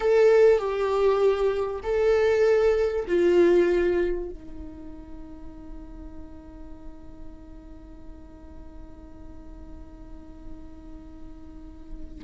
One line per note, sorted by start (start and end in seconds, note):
0.00 0.58 A4
0.58 1.80 G4
1.83 3.05 A4
3.07 4.29 F4
4.30 12.24 D#4